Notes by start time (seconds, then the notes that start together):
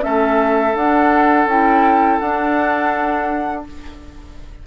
0.00 A3 C#4 A4 E5
0.75 D4 F#5
1.46 C#4 E4 G5
2.19 D4 F#5